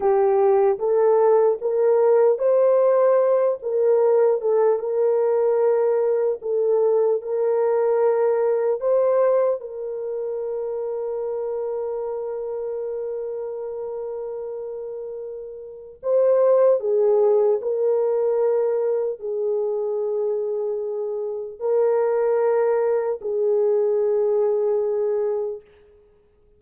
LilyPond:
\new Staff \with { instrumentName = "horn" } { \time 4/4 \tempo 4 = 75 g'4 a'4 ais'4 c''4~ | c''8 ais'4 a'8 ais'2 | a'4 ais'2 c''4 | ais'1~ |
ais'1 | c''4 gis'4 ais'2 | gis'2. ais'4~ | ais'4 gis'2. | }